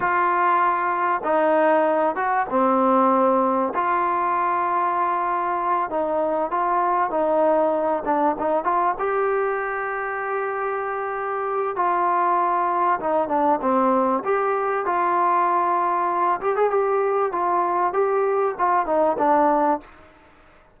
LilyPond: \new Staff \with { instrumentName = "trombone" } { \time 4/4 \tempo 4 = 97 f'2 dis'4. fis'8 | c'2 f'2~ | f'4. dis'4 f'4 dis'8~ | dis'4 d'8 dis'8 f'8 g'4.~ |
g'2. f'4~ | f'4 dis'8 d'8 c'4 g'4 | f'2~ f'8 g'16 gis'16 g'4 | f'4 g'4 f'8 dis'8 d'4 | }